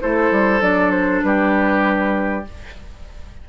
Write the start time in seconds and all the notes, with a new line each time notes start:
0.00 A3 E4 A4 C5
0.31 G3
0.61 F#3 D4 D5
0.91 C5
1.22 G3 G4 B4